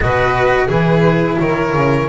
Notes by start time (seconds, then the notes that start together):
0.00 B2 F#4 B4 D#5
0.66 E3 E4 G#4 B4
1.39 D#3 A#4 C#5
1.73 C#3